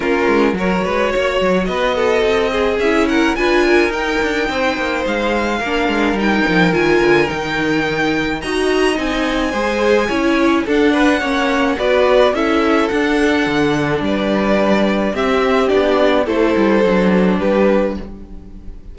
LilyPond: <<
  \new Staff \with { instrumentName = "violin" } { \time 4/4 \tempo 4 = 107 ais'4 cis''2 dis''4~ | dis''4 e''8 fis''8 gis''4 g''4~ | g''4 f''2 g''4 | gis''4 g''2 ais''4 |
gis''2. fis''4~ | fis''4 d''4 e''4 fis''4~ | fis''4 d''2 e''4 | d''4 c''2 b'4 | }
  \new Staff \with { instrumentName = "violin" } { \time 4/4 f'4 ais'8 b'8 cis''4 b'8 a'8~ | a'8 gis'4 ais'8 b'8 ais'4. | c''2 ais'2~ | ais'2. dis''4~ |
dis''4 c''4 cis''4 a'8 b'8 | cis''4 b'4 a'2~ | a'4 b'2 g'4~ | g'4 a'2 g'4 | }
  \new Staff \with { instrumentName = "viola" } { \time 4/4 cis'4 fis'2.~ | fis'8 gis'8 e'4 f'4 dis'4~ | dis'2 d'4 dis'4 | f'4 dis'2 fis'4 |
dis'4 gis'4 e'4 d'4 | cis'4 fis'4 e'4 d'4~ | d'2. c'4 | d'4 e'4 d'2 | }
  \new Staff \with { instrumentName = "cello" } { \time 4/4 ais8 gis8 fis8 gis8 ais8 fis8 b4 | c'4 cis'4 d'4 dis'8 d'8 | c'8 ais8 gis4 ais8 gis8 g8 f8 | dis8 d8 dis2 dis'4 |
c'4 gis4 cis'4 d'4 | ais4 b4 cis'4 d'4 | d4 g2 c'4 | b4 a8 g8 fis4 g4 | }
>>